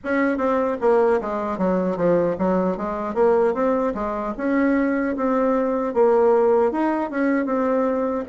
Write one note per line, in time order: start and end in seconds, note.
0.04 0.37 C#4
0.37 0.77 C4
0.81 1.20 A#3
1.21 1.58 G#3
1.58 1.96 F#3
1.96 2.36 F3
2.38 2.77 F#3
2.77 3.14 G#3
3.14 3.53 A#3
3.54 3.93 C4
3.94 4.33 G#3
4.37 5.16 C#4
5.16 5.94 C4
5.94 6.71 A#3
6.71 7.10 D#4
7.10 7.45 C#4
7.45 8.24 C4